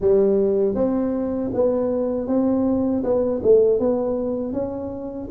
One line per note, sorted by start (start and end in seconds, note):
0.00 0.75 G3
0.75 1.51 C4
1.53 2.27 B3
2.27 3.03 C4
3.03 3.41 B3
3.42 3.79 A3
3.79 4.52 B3
4.52 5.28 C#4